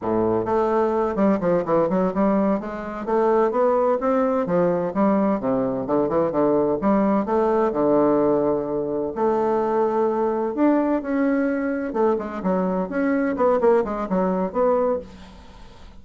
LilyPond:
\new Staff \with { instrumentName = "bassoon" } { \time 4/4 \tempo 4 = 128 a,4 a4. g8 f8 e8 | fis8 g4 gis4 a4 b8~ | b8 c'4 f4 g4 c8~ | c8 d8 e8 d4 g4 a8~ |
a8 d2. a8~ | a2~ a8 d'4 cis'8~ | cis'4. a8 gis8 fis4 cis'8~ | cis'8 b8 ais8 gis8 fis4 b4 | }